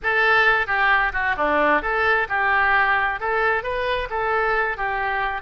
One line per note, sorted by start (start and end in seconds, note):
0.02 0.66 A4
0.66 1.12 G4
1.12 1.35 F#4
1.36 1.82 D4
1.82 2.27 A4
2.29 3.19 G4
3.20 3.63 A4
3.63 4.08 B4
4.10 4.77 A4
4.77 5.41 G4